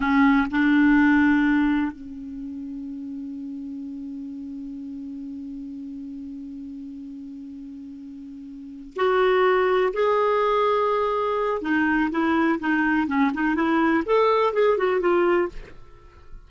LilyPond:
\new Staff \with { instrumentName = "clarinet" } { \time 4/4 \tempo 4 = 124 cis'4 d'2. | cis'1~ | cis'1~ | cis'1~ |
cis'2~ cis'8 fis'4.~ | fis'8 gis'2.~ gis'8 | dis'4 e'4 dis'4 cis'8 dis'8 | e'4 a'4 gis'8 fis'8 f'4 | }